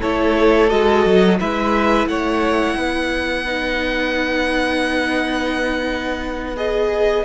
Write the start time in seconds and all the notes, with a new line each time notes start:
0.00 A3 E4 A4 C#5
0.68 G#3 F#4 D#5
1.05 F#3
1.40 G#3 E4 B4 E5
2.06 A3 C#5 F#5
2.76 B3 B4
3.45 D#4
6.56 G#4 D#5